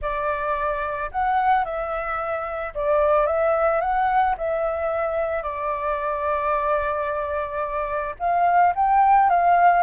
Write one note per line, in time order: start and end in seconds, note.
0.01 1.10 D5
1.11 1.64 F#5
1.64 2.73 E5
2.74 3.26 D5
3.26 3.81 E5
3.81 4.35 F#5
4.37 5.42 E5
5.42 8.15 D5
8.19 8.73 F5
8.75 9.29 G5
9.29 9.82 F5